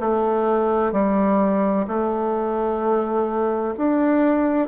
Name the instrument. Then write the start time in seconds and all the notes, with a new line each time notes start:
bassoon
0.00 A3
0.92 G3
1.87 A3
3.78 D4